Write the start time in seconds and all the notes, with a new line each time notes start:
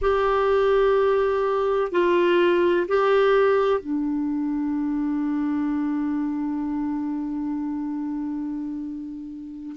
0.01 G4
1.91 F4
2.87 G4
3.80 D4